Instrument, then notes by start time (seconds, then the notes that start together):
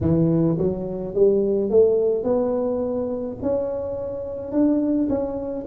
tuba
0.01 E3
0.58 F#3
1.14 G3
1.70 A3
2.23 B3
3.42 C#4
4.51 D4
5.09 C#4